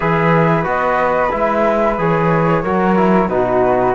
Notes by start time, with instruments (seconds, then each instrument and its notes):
0.00 cello E3, trombone G#4, flute B4 E5
0.63 cello B3, trombone F#4, flute D#5
1.31 cello G#3, trombone E4, flute E5
1.98 cello E3, trombone G#4, flute C#5
2.63 cello F#3, trombone F#4, flute A#4
2.96 trombone E4
3.28 cello B2, trombone D#4, flute F#4 B4